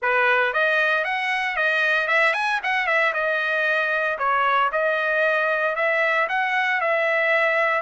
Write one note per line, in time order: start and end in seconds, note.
0.02 0.53 B4
0.53 1.04 D#5
1.04 1.56 F#5
1.56 2.07 D#5
2.07 2.33 E5
2.33 2.59 G#5
2.63 2.86 F#5
2.86 3.13 E5
3.13 4.18 D#5
4.18 4.70 C#5
4.71 5.75 D#5
5.75 6.27 E5
6.28 6.80 F#5
6.80 7.81 E5